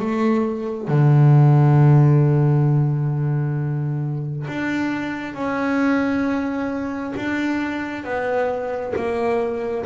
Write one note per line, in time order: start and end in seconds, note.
0.00 0.88 A3
0.88 4.47 D3
4.48 5.35 D4
5.35 7.14 C#4
7.16 8.04 D4
8.04 8.93 B3
8.96 9.85 A#3